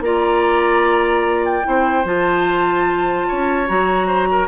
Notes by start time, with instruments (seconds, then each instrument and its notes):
0.00 bassoon A#3, clarinet F4, oboe D5, flute A#5
1.44 flute G5
1.63 bassoon C4, clarinet E4, oboe C5
2.04 bassoon F3, clarinet F4, flute A5
3.27 bassoon C#4, oboe C#5
3.66 bassoon F#3, clarinet F#4, flute A#5
4.07 oboe C5
4.31 oboe A#4